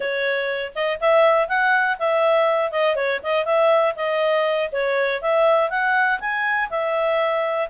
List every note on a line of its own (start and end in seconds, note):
0.00 0.72 C#5
0.75 1.00 D#5
1.00 1.48 E5
1.48 1.98 F#5
1.98 2.71 E5
2.71 2.95 D#5
2.95 3.20 C#5
3.23 3.45 D#5
3.45 3.94 E5
3.95 4.69 D#5
4.72 5.21 C#5
5.21 5.70 E5
5.70 6.19 F#5
6.20 6.69 G#5
6.69 7.69 E5